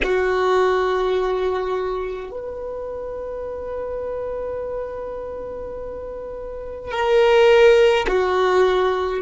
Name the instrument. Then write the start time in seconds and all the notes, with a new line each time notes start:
violin
0.03 F#4
2.31 B4
6.91 A#4
8.07 F#4